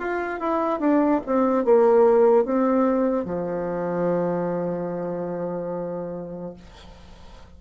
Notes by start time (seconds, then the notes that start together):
0.00 F4
0.40 E4
0.80 D4
1.26 C4
1.65 A#3
2.45 C4
3.25 F3